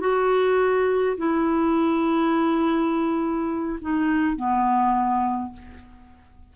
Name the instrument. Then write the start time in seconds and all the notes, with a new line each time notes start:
clarinet
0.00 F#4
1.17 E4
3.81 D#4
4.36 B3